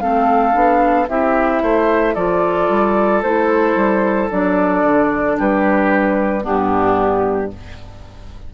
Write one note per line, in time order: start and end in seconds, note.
0.00 0.55 A3
0.00 0.53 C4
0.00 1.10 A4
0.00 1.07 F5
0.53 1.08 B3
0.53 1.06 D4
1.08 1.62 C4
1.08 2.16 E4
1.08 1.63 G4
1.08 2.15 E5
1.62 2.16 A3
1.62 2.14 C5
2.14 2.69 F3
2.14 3.23 F4
2.14 5.36 A4
2.14 3.22 D5
2.69 3.23 G3
3.23 3.76 A3
3.23 4.30 E4
3.23 4.30 C5
3.76 4.29 G3
4.30 4.84 F#3
4.30 6.41 D4
4.30 5.38 D5
4.84 5.37 D3
5.38 6.47 G3
5.38 6.44 G4
5.38 6.45 B4
6.41 7.48 B3
6.41 7.51 D4
6.41 7.52 G4
6.47 7.54 G2